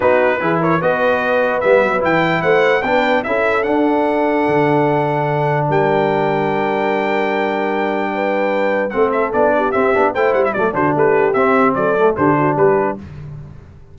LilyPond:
<<
  \new Staff \with { instrumentName = "trumpet" } { \time 4/4 \tempo 4 = 148 b'4. cis''8 dis''2 | e''4 g''4 fis''4 g''4 | e''4 fis''2.~ | fis''2 g''2~ |
g''1~ | g''2 fis''8 e''8 d''4 | e''4 g''8 fis''16 e''16 d''8 c''8 b'4 | e''4 d''4 c''4 b'4 | }
  \new Staff \with { instrumentName = "horn" } { \time 4/4 fis'4 gis'8 ais'8 b'2~ | b'2 c''4 b'4 | a'1~ | a'2 ais'2~ |
ais'1 | b'2 a'4. g'8~ | g'4 c''4 d''8 fis'8 g'4~ | g'4 a'4 g'8 fis'8 g'4 | }
  \new Staff \with { instrumentName = "trombone" } { \time 4/4 dis'4 e'4 fis'2 | b4 e'2 d'4 | e'4 d'2.~ | d'1~ |
d'1~ | d'2 c'4 d'4 | c'8 d'8 e'4 a8 d'4. | c'4. a8 d'2 | }
  \new Staff \with { instrumentName = "tuba" } { \time 4/4 b4 e4 b2 | g8 fis8 e4 a4 b4 | cis'4 d'2 d4~ | d2 g2~ |
g1~ | g2 a4 b4 | c'8 b8 a8 g8 fis8 d8 a4 | c'4 fis4 d4 g4 | }
>>